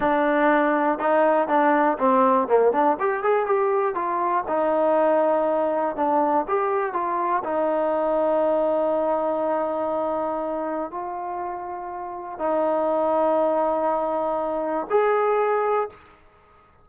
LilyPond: \new Staff \with { instrumentName = "trombone" } { \time 4/4 \tempo 4 = 121 d'2 dis'4 d'4 | c'4 ais8 d'8 g'8 gis'8 g'4 | f'4 dis'2. | d'4 g'4 f'4 dis'4~ |
dis'1~ | dis'2 f'2~ | f'4 dis'2.~ | dis'2 gis'2 | }